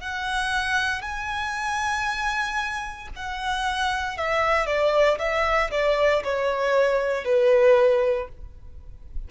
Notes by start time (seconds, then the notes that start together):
0.00 F#5
1.02 G#5
3.16 F#5
4.17 E5
4.66 D5
5.19 E5
5.71 D5
6.24 C#5
7.24 B4